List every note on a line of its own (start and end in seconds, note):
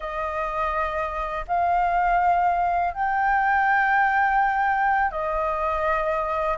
0.00 1.45 D#5
1.47 2.94 F5
2.94 5.11 G5
5.11 6.57 D#5